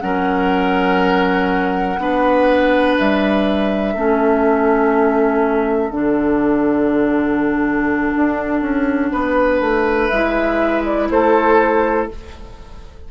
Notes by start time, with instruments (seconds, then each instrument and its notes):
0.00 bassoon F#3, clarinet C#4, oboe A#4, flute F#5
1.98 bassoon B3, clarinet D4, oboe B4
2.98 bassoon G3, flute E5
3.94 bassoon A3, clarinet C#4, oboe A4
5.90 bassoon D3, clarinet D4, flute F#5
8.16 bassoon D4
8.61 bassoon C#4
9.12 bassoon B3, oboe B4
9.60 bassoon A3
10.08 bassoon G#3, clarinet E4, flute E5
10.85 flute D5
11.09 bassoon A3, oboe A4, flute C5